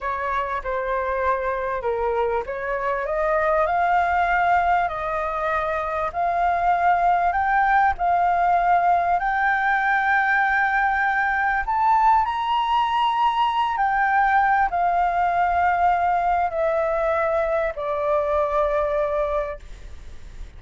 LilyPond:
\new Staff \with { instrumentName = "flute" } { \time 4/4 \tempo 4 = 98 cis''4 c''2 ais'4 | cis''4 dis''4 f''2 | dis''2 f''2 | g''4 f''2 g''4~ |
g''2. a''4 | ais''2~ ais''8 g''4. | f''2. e''4~ | e''4 d''2. | }